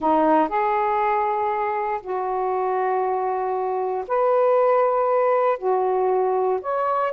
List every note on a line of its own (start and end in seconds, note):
0.00 0.48 D#4
0.48 2.00 G#4
2.01 4.04 F#4
4.07 5.58 B4
5.58 6.60 F#4
6.61 7.12 C#5